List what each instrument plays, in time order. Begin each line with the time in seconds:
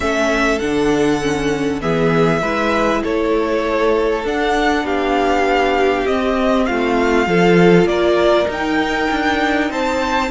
0.00 cello A3, viola C#4, violin A4 E5
0.59 cello D3, viola D4, violin F#5
1.21 viola C#4
1.81 cello E3, viola B3, violin G#4 E5
2.42 cello G#3, viola E4, violin B4
3.03 cello A3, violin A4 C#5
4.24 cello D4, viola D4, violin F#5
4.83 cello B3, violin G4 F5
6.06 viola C4, cello C4, violin D#5
6.66 cello A3, violin F4 F5
7.25 cello F3, viola F4, violin A4
7.85 cello A#3, violin A#4 D5
8.45 viola D#4, cello D#4
8.52 violin G5
9.10 cello D4
9.70 cello C4, violin C5 A5